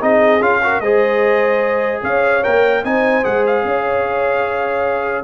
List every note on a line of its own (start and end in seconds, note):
0.00 0.40 C4
0.00 0.40 D#4
0.00 0.62 G#4
0.00 0.42 D#5
0.40 0.80 C#4
0.40 0.61 F4
0.40 0.80 F5
0.62 0.83 F#4
0.62 0.81 A#4
0.80 2.01 G#3
0.80 2.43 G#4
0.80 2.01 C5
0.80 2.01 D#5
2.01 2.43 C#4
2.01 2.82 C#5
2.01 2.43 F5
2.43 2.84 A#3
2.43 2.83 A#4
2.43 2.84 G5
2.84 3.24 C4
2.84 3.23 D#4
2.84 3.65 C5
2.84 3.24 G#5
3.23 3.64 G#3
3.23 5.24 G#4
3.23 3.44 F#5
3.46 5.24 F5
3.64 5.24 C#4
3.64 5.24 C#5